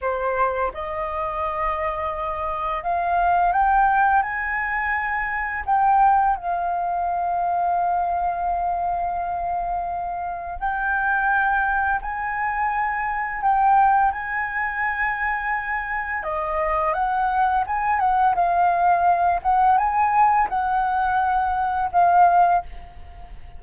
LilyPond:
\new Staff \with { instrumentName = "flute" } { \time 4/4 \tempo 4 = 85 c''4 dis''2. | f''4 g''4 gis''2 | g''4 f''2.~ | f''2. g''4~ |
g''4 gis''2 g''4 | gis''2. dis''4 | fis''4 gis''8 fis''8 f''4. fis''8 | gis''4 fis''2 f''4 | }